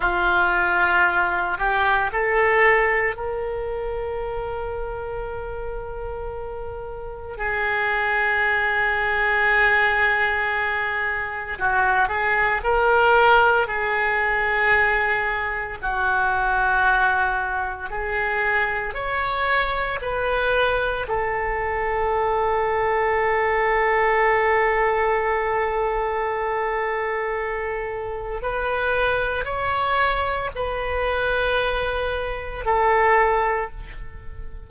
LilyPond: \new Staff \with { instrumentName = "oboe" } { \time 4/4 \tempo 4 = 57 f'4. g'8 a'4 ais'4~ | ais'2. gis'4~ | gis'2. fis'8 gis'8 | ais'4 gis'2 fis'4~ |
fis'4 gis'4 cis''4 b'4 | a'1~ | a'2. b'4 | cis''4 b'2 a'4 | }